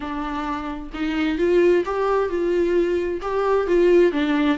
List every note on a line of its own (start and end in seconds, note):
0.00 0.90 D4
0.94 1.38 D#4
1.38 1.84 F4
1.85 2.29 G4
2.29 3.20 F4
3.21 3.67 G4
3.67 4.12 F4
4.12 4.58 D4